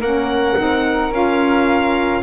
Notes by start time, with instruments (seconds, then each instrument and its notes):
0.00 double bass A#3, saxophone C#4, flute A#4, violin F#5
0.56 double bass C4, saxophone D#4
1.11 double bass C#4, saxophone F4, violin F5